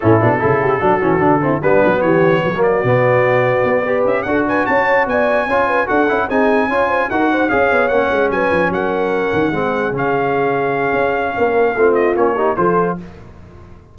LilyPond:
<<
  \new Staff \with { instrumentName = "trumpet" } { \time 4/4 \tempo 4 = 148 a'1 | b'4 cis''4. d''4.~ | d''2 e''8 fis''8 gis''8 a''8~ | a''8 gis''2 fis''4 gis''8~ |
gis''4. fis''4 f''4 fis''8~ | fis''8 gis''4 fis''2~ fis''8~ | fis''8 f''2.~ f''8~ | f''4. dis''8 cis''4 c''4 | }
  \new Staff \with { instrumentName = "horn" } { \time 4/4 e'4 a'8 g'8 fis'4. e'8 | d'4 g'4 fis'2~ | fis'4. b'4 a'8 b'8 cis''8~ | cis''8 d''4 cis''8 b'8 a'4 gis'8~ |
gis'8 cis''8 c''8 ais'8 c''8 cis''4.~ | cis''8 b'4 ais'2 gis'8~ | gis'1 | ais'4 f'4. g'8 a'4 | }
  \new Staff \with { instrumentName = "trombone" } { \time 4/4 cis'8 d'8 e'4 d'8 cis'8 d'8 c'8 | b2~ b16 ais8. b4~ | b4. g'4 fis'4.~ | fis'4. f'4 fis'8 e'8 dis'8~ |
dis'8 f'4 fis'4 gis'4 cis'8~ | cis'2.~ cis'8 c'8~ | c'8 cis'2.~ cis'8~ | cis'4 c'4 cis'8 dis'8 f'4 | }
  \new Staff \with { instrumentName = "tuba" } { \time 4/4 a,8 b,8 cis4 fis8 e8 d4 | g8 fis8 e4 fis4 b,4~ | b,4 b4 cis'8 d'4 cis'8~ | cis'8 b4 cis'4 d'8 cis'8 c'8~ |
c'8 cis'4 dis'4 cis'8 b8 ais8 | gis8 fis8 f8 fis4. dis8 gis8~ | gis8 cis2~ cis8 cis'4 | ais4 a4 ais4 f4 | }
>>